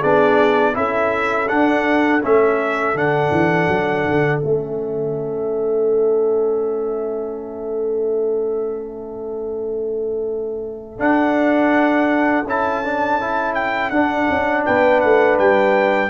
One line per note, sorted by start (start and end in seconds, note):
0.00 0.76 B3
0.00 0.74 D4
0.00 0.73 G#4
0.00 0.76 D5
0.74 1.49 C#4
0.74 1.47 E4
0.74 14.65 A4
0.74 1.48 E5
1.48 2.21 D4
1.48 2.22 D4
1.48 2.21 F#5
2.22 2.94 A3
2.22 2.95 C#4
2.22 2.97 E5
2.94 3.30 D3
2.94 4.41 D4
2.94 4.40 F#5
3.31 3.67 E3
3.68 4.04 F#3
4.05 4.41 D3
4.40 10.99 A3
4.40 10.98 C#4
4.40 10.98 E5
10.98 12.45 D4
10.98 12.44 D4
10.98 12.46 F#5
12.44 13.90 C#4
12.44 12.84 E4
12.44 13.54 A5
12.84 13.20 D4
13.20 13.93 E4
13.54 13.90 G5
13.90 14.27 D4
13.90 16.09 D4
13.90 14.63 F#5
14.29 14.66 C#4
14.65 15.03 B3
14.65 16.09 B4
14.65 15.00 G5
15.00 15.39 A3
15.00 15.37 F#5
15.38 16.09 G3
15.38 16.09 G5